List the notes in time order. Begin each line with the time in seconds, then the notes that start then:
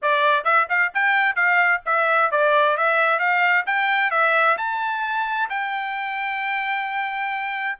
0.02 D5
0.44 E5
0.69 F5
0.93 G5
1.35 F5
1.85 E5
2.31 D5
2.77 E5
3.19 F5
3.66 G5
4.11 E5
4.57 A5
5.49 G5